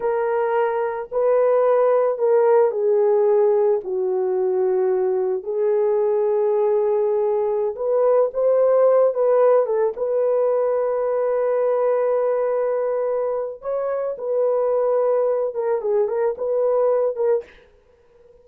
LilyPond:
\new Staff \with { instrumentName = "horn" } { \time 4/4 \tempo 4 = 110 ais'2 b'2 | ais'4 gis'2 fis'4~ | fis'2 gis'2~ | gis'2~ gis'16 b'4 c''8.~ |
c''8. b'4 a'8 b'4.~ b'16~ | b'1~ | b'4 cis''4 b'2~ | b'8 ais'8 gis'8 ais'8 b'4. ais'8 | }